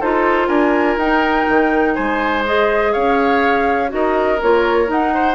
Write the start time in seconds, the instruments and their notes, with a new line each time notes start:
0.00 bassoon D#4, clarinet F4, oboe A4, flute C5
0.48 bassoon D4, oboe A#4, flute G#5
0.97 bassoon D#4, clarinet D#4, flute G5
1.48 bassoon D#3
1.94 bassoon G#3, oboe C5, flute G#5
2.45 clarinet G#4, flute D#5
2.92 bassoon C#4, oboe C#5, flute F5
3.88 bassoon D#4, clarinet F#4, oboe A#4, flute D#5
4.42 bassoon A#3, clarinet F4, flute C#5
4.87 clarinet D#4, bassoon D#4, flute F#5
5.14 oboe C5